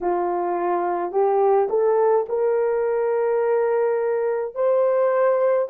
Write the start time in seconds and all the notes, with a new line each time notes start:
0.01 F4
1.11 G4
1.69 A4
2.28 A#4
4.54 C5